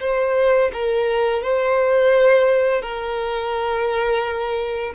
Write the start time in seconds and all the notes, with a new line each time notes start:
0.00 C5
0.73 A#4
1.42 C5
2.81 A#4